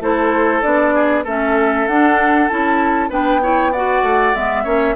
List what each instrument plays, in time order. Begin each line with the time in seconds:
0.00 bassoon A3, clarinet E4, oboe A4, flute C5
0.62 bassoon B3, clarinet D4, flute D5
0.94 oboe G#4
1.24 bassoon A3, clarinet C#4, oboe A4, flute E5
1.87 bassoon D4, clarinet D4, flute F#5
2.48 bassoon C#4, clarinet E4, flute A5
3.10 bassoon B3, clarinet D4, oboe B4, flute G5
3.42 clarinet E4, oboe C#5
3.72 clarinet F#4, oboe D5, flute F#5
4.02 bassoon A3
4.35 bassoon G#3, clarinet B3, flute E5
4.64 bassoon A#3, clarinet C#4, oboe C#5